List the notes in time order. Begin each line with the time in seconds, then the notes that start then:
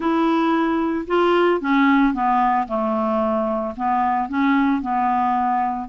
0.00 E4
1.07 F4
1.60 C#4
2.13 B3
2.67 A3
3.76 B3
4.28 C#4
4.81 B3